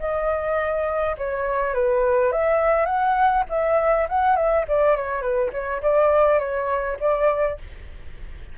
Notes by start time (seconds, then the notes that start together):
0.00 D#5
1.18 C#5
1.74 B4
2.33 E5
2.86 F#5
3.50 E5
4.09 F#5
4.37 E5
4.69 D5
4.96 C#5
5.22 B4
5.53 C#5
5.82 D5
6.40 C#5
7.00 D5